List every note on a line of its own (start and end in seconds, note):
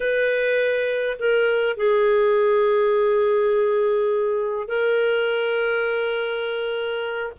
0.00 1.17 B4
1.19 1.76 A#4
1.76 4.68 G#4
4.68 7.32 A#4